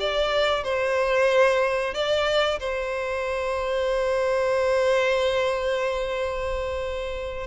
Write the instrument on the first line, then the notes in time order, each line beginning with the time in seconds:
violin
0.00 D5
0.63 C5
1.94 D5
2.59 C5